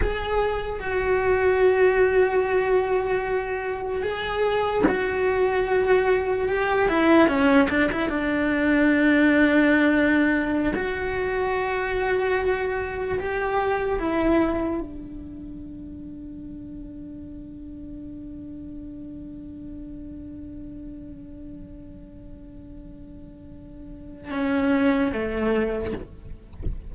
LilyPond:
\new Staff \with { instrumentName = "cello" } { \time 4/4 \tempo 4 = 74 gis'4 fis'2.~ | fis'4 gis'4 fis'2 | g'8 e'8 cis'8 d'16 e'16 d'2~ | d'4~ d'16 fis'2~ fis'8.~ |
fis'16 g'4 e'4 d'4.~ d'16~ | d'1~ | d'1~ | d'2 cis'4 a4 | }